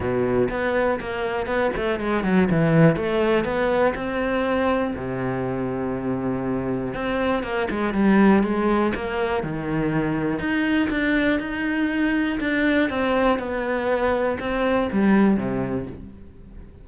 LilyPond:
\new Staff \with { instrumentName = "cello" } { \time 4/4 \tempo 4 = 121 b,4 b4 ais4 b8 a8 | gis8 fis8 e4 a4 b4 | c'2 c2~ | c2 c'4 ais8 gis8 |
g4 gis4 ais4 dis4~ | dis4 dis'4 d'4 dis'4~ | dis'4 d'4 c'4 b4~ | b4 c'4 g4 c4 | }